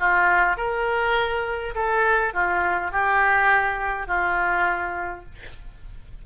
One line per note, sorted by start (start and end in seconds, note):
0.00 0.57 F4
0.57 1.75 A#4
1.75 2.34 A4
2.34 2.92 F4
2.92 4.07 G4
4.07 5.25 F4